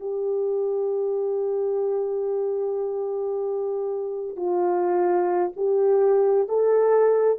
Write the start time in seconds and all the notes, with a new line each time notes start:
0.00 G4
4.36 F4
5.56 G4
6.49 A4